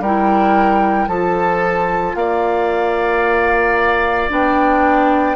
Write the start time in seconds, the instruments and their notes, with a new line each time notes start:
0.00 bassoon G3, clarinet E4, oboe A#4, flute G5
1.08 bassoon F3, clarinet F4, oboe A4, flute A5
2.15 bassoon A#3, oboe D5, flute F5
4.30 bassoon B3, clarinet D4, flute G5